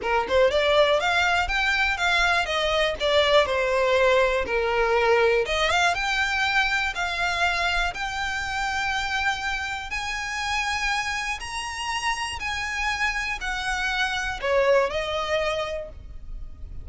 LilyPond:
\new Staff \with { instrumentName = "violin" } { \time 4/4 \tempo 4 = 121 ais'8 c''8 d''4 f''4 g''4 | f''4 dis''4 d''4 c''4~ | c''4 ais'2 dis''8 f''8 | g''2 f''2 |
g''1 | gis''2. ais''4~ | ais''4 gis''2 fis''4~ | fis''4 cis''4 dis''2 | }